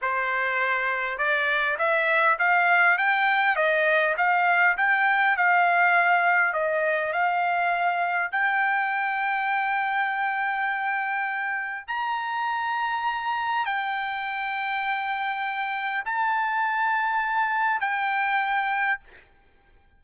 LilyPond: \new Staff \with { instrumentName = "trumpet" } { \time 4/4 \tempo 4 = 101 c''2 d''4 e''4 | f''4 g''4 dis''4 f''4 | g''4 f''2 dis''4 | f''2 g''2~ |
g''1 | ais''2. g''4~ | g''2. a''4~ | a''2 g''2 | }